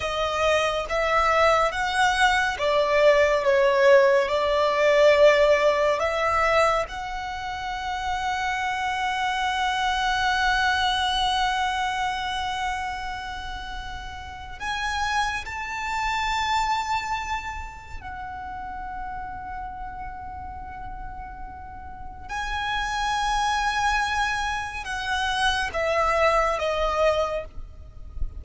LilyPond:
\new Staff \with { instrumentName = "violin" } { \time 4/4 \tempo 4 = 70 dis''4 e''4 fis''4 d''4 | cis''4 d''2 e''4 | fis''1~ | fis''1~ |
fis''4 gis''4 a''2~ | a''4 fis''2.~ | fis''2 gis''2~ | gis''4 fis''4 e''4 dis''4 | }